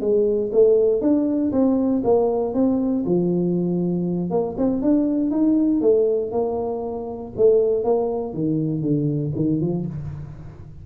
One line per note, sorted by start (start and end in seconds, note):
0.00 0.50 G#3
0.52 1.01 A3
1.01 1.51 D4
1.51 2.02 C4
2.04 2.54 A#3
2.54 3.04 C4
3.05 4.30 F3
4.30 4.55 A#3
4.57 4.82 C4
4.82 5.30 D4
5.30 5.81 D#4
5.81 6.31 A3
6.31 7.32 A#3
7.37 7.84 A3
7.84 8.33 A#3
8.33 8.81 D#3
8.81 9.32 D3
9.35 9.60 D#3
9.60 9.85 F3